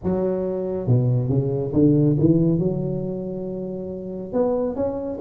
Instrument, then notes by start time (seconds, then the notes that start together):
tuba
0.03 F#3
0.87 B2
1.28 C#3
1.73 D3
2.19 E3
2.58 F#3
4.32 B3
4.75 C#4